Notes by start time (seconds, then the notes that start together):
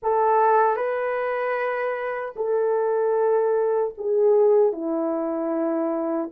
0.02 A4
0.76 B4
2.35 A4
3.97 G#4
4.72 E4